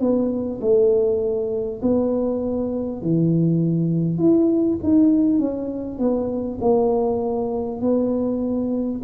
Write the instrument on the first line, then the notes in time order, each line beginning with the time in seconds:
tuba
0.00 B3
0.62 A3
1.82 B3
3.02 E3
4.18 E4
4.83 D#4
5.39 C#4
5.99 B3
6.61 A#3
7.82 B3